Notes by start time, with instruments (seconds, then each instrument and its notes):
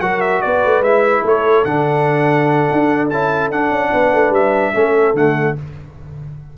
0.00 tuba F#3, trombone F#4, horn A#4, trumpet F#5
0.21 trumpet E5
0.41 tuba B3, horn B4, trumpet D5
0.65 tuba A3
0.80 tuba G#3, trombone E4, trumpet E5
1.22 tuba A3, horn A4, trumpet C#5
1.64 tuba D3, trombone D4, trumpet F#5
2.71 tuba D4
3.09 tuba C#4, trombone E4, trumpet A5
3.50 tuba D4, trombone D4, trumpet F#5
3.70 tuba C#4
3.92 tuba B3, horn B4
4.12 tuba A3
4.30 tuba G3, trumpet E5
4.73 tuba A3, trombone C#4, horn A4
5.13 tuba D3, trombone A3, trumpet F#5